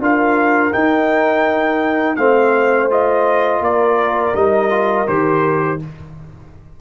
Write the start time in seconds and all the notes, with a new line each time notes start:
0.00 D4 F4 A#4 F5
0.73 D#4 G5
2.16 A3 C4 C5 F5
2.90 F4 D#5
3.61 A#3 A#4 D5
4.35 G3 D#4 D#5
4.70 F4
5.07 D#3 G4 C5